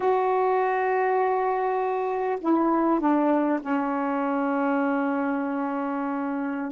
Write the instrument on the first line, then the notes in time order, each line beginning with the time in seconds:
saxophone
0.00 F#4
2.40 E4
3.00 D4
3.61 C#4